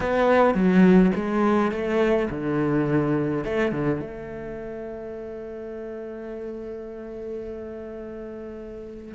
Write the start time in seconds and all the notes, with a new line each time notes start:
0.00 B3
0.54 F#3
1.15 G#3
1.71 A3
2.30 D3
3.44 A3
3.72 D3
4.00 A3